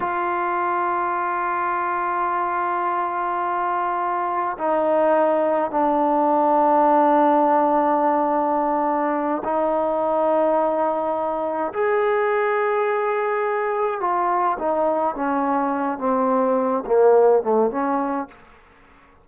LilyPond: \new Staff \with { instrumentName = "trombone" } { \time 4/4 \tempo 4 = 105 f'1~ | f'1 | dis'2 d'2~ | d'1~ |
d'8 dis'2.~ dis'8~ | dis'8 gis'2.~ gis'8~ | gis'8 f'4 dis'4 cis'4. | c'4. ais4 a8 cis'4 | }